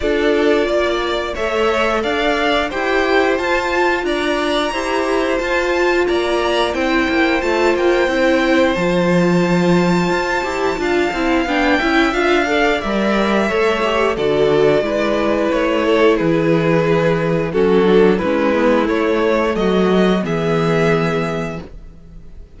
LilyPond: <<
  \new Staff \with { instrumentName = "violin" } { \time 4/4 \tempo 4 = 89 d''2 e''4 f''4 | g''4 a''4 ais''2 | a''4 ais''4 g''4 a''8 g''8~ | g''4 a''2.~ |
a''4 g''4 f''4 e''4~ | e''4 d''2 cis''4 | b'2 a'4 b'4 | cis''4 dis''4 e''2 | }
  \new Staff \with { instrumentName = "violin" } { \time 4/4 a'4 d''4 cis''4 d''4 | c''2 d''4 c''4~ | c''4 d''4 c''2~ | c''1 |
f''4. e''4 d''4. | cis''4 a'4 b'4. a'8 | gis'2 fis'4 e'4~ | e'4 fis'4 gis'2 | }
  \new Staff \with { instrumentName = "viola" } { \time 4/4 f'2 a'2 | g'4 f'2 g'4 | f'2 e'4 f'4 | e'4 f'2~ f'8 g'8 |
f'8 e'8 d'8 e'8 f'8 a'8 ais'4 | a'8 g'8 fis'4 e'2~ | e'2 cis'8 d'8 cis'8 b8 | a2 b2 | }
  \new Staff \with { instrumentName = "cello" } { \time 4/4 d'4 ais4 a4 d'4 | e'4 f'4 d'4 e'4 | f'4 ais4 c'8 ais8 a8 ais8 | c'4 f2 f'8 e'8 |
d'8 c'8 b8 cis'8 d'4 g4 | a4 d4 gis4 a4 | e2 fis4 gis4 | a4 fis4 e2 | }
>>